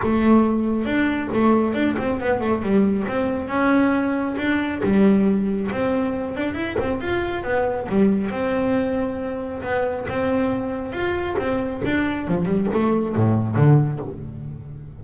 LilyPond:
\new Staff \with { instrumentName = "double bass" } { \time 4/4 \tempo 4 = 137 a2 d'4 a4 | d'8 c'8 b8 a8 g4 c'4 | cis'2 d'4 g4~ | g4 c'4. d'8 e'8 c'8 |
f'4 b4 g4 c'4~ | c'2 b4 c'4~ | c'4 f'4 c'4 d'4 | f8 g8 a4 a,4 d4 | }